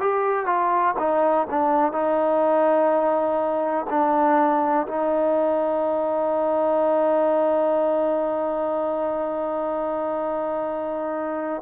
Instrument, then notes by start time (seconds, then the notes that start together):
trombone
0.00 G4
0.47 F4
0.99 D#4
1.50 D4
1.93 D#4
3.91 D4
4.88 D#4